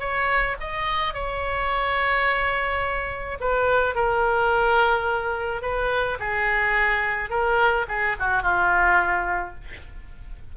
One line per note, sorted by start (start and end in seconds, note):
0.00 0.56 C#5
0.60 1.14 D#5
1.14 3.38 C#5
3.40 3.95 B4
3.95 5.62 A#4
5.62 6.18 B4
6.19 7.30 G#4
7.30 7.86 A#4
7.88 8.16 G#4
8.19 8.42 F#4
8.42 9.55 F4